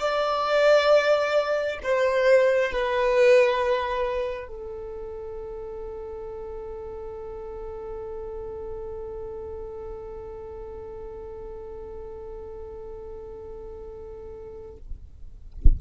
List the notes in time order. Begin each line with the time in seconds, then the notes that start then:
0.00 D5
1.83 C5
2.72 B4
4.48 A4